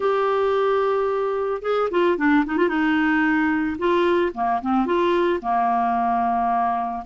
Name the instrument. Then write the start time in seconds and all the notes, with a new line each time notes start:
clarinet
0.00 G4
1.62 G#4
1.90 F4
2.17 D4
2.45 D#4
2.57 F4
2.69 D#4
3.78 F4
4.34 A#3
4.61 C4
4.86 F4
5.41 A#3